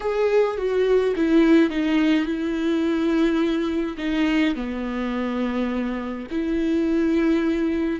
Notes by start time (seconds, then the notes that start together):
0.00 G#4
0.57 F#4
1.16 E4
1.70 D#4
2.25 E4
3.97 D#4
4.55 B3
6.30 E4